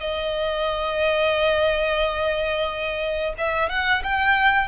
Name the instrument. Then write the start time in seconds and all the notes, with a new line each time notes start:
violin
0.00 D#5
3.38 E5
3.69 F#5
4.03 G5